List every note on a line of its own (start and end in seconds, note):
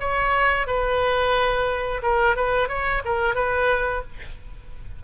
0.00 0.67 C#5
0.67 2.02 B4
2.03 2.36 A#4
2.36 2.69 B4
2.69 3.02 C#5
3.05 3.35 A#4
3.35 4.02 B4